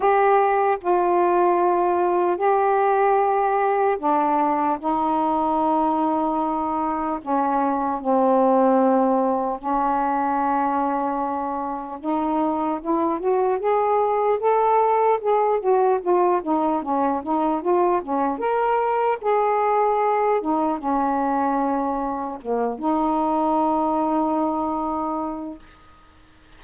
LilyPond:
\new Staff \with { instrumentName = "saxophone" } { \time 4/4 \tempo 4 = 75 g'4 f'2 g'4~ | g'4 d'4 dis'2~ | dis'4 cis'4 c'2 | cis'2. dis'4 |
e'8 fis'8 gis'4 a'4 gis'8 fis'8 | f'8 dis'8 cis'8 dis'8 f'8 cis'8 ais'4 | gis'4. dis'8 cis'2 | ais8 dis'2.~ dis'8 | }